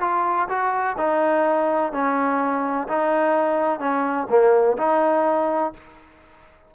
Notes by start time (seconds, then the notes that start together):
0.00 F4
0.48 F#4
0.97 D#4
1.92 C#4
2.87 D#4
3.79 C#4
4.29 A#3
4.77 D#4